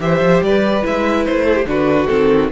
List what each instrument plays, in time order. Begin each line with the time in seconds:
0.00 cello E3, viola G4, violin C5 E5
0.20 cello F3
0.42 cello G3, violin B4 D5
0.82 cello G#3, viola E4, violin E5
1.25 cello A3, violin C5
1.45 violin A4
1.55 violin G4
1.65 cello D3, viola D4, violin F#4 B4
2.08 cello D#3, viola C4, violin A4